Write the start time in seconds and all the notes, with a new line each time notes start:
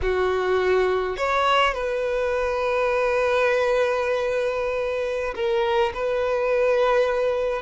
0.02 F#4
1.16 C#5
1.73 B4
5.35 A#4
5.94 B4